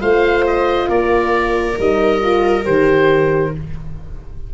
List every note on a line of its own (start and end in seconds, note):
0.00 0.89 A3
0.00 1.77 F4
0.00 0.88 C5
0.00 0.45 F5
0.46 0.90 D#5
0.89 1.77 A#3
0.89 3.54 A#4
0.89 1.78 D5
1.78 2.66 G3
1.78 2.22 D#4
1.78 2.65 D#5
2.22 2.64 F4
2.64 3.54 D#3
2.64 3.52 G4
2.64 3.53 C5